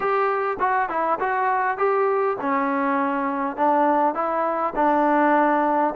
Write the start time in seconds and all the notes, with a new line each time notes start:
0.00 G4
0.59 F#4
0.89 E4
1.19 F#4
1.77 G4
2.41 C#4
3.56 D4
4.14 E4
4.75 D4